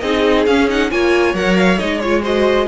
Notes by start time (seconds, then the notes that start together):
0.00 C4 D#4 G#4 D#5
0.47 C#4 F5
0.69 D#4 F#5
0.91 A#3 F4 C#5 G#5
1.34 F#3 A#4 F#5
1.57 F5
1.79 G#3 D#4 D#5
2.00 F4 C#5
2.22 F#4 C5 D#5